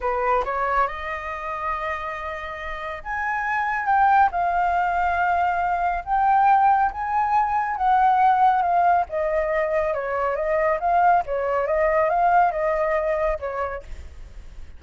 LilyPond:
\new Staff \with { instrumentName = "flute" } { \time 4/4 \tempo 4 = 139 b'4 cis''4 dis''2~ | dis''2. gis''4~ | gis''4 g''4 f''2~ | f''2 g''2 |
gis''2 fis''2 | f''4 dis''2 cis''4 | dis''4 f''4 cis''4 dis''4 | f''4 dis''2 cis''4 | }